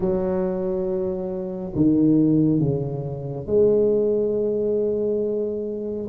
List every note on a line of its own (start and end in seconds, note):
0.00 1.72 F#3
1.75 2.59 D#3
2.59 3.46 C#3
3.46 6.07 G#3